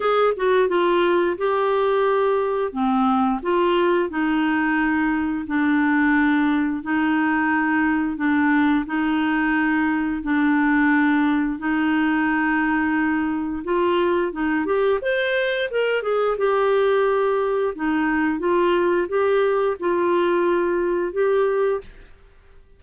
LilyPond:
\new Staff \with { instrumentName = "clarinet" } { \time 4/4 \tempo 4 = 88 gis'8 fis'8 f'4 g'2 | c'4 f'4 dis'2 | d'2 dis'2 | d'4 dis'2 d'4~ |
d'4 dis'2. | f'4 dis'8 g'8 c''4 ais'8 gis'8 | g'2 dis'4 f'4 | g'4 f'2 g'4 | }